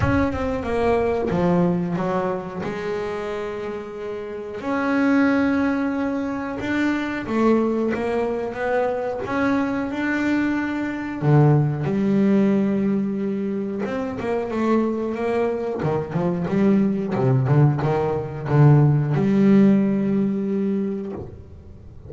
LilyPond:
\new Staff \with { instrumentName = "double bass" } { \time 4/4 \tempo 4 = 91 cis'8 c'8 ais4 f4 fis4 | gis2. cis'4~ | cis'2 d'4 a4 | ais4 b4 cis'4 d'4~ |
d'4 d4 g2~ | g4 c'8 ais8 a4 ais4 | dis8 f8 g4 c8 d8 dis4 | d4 g2. | }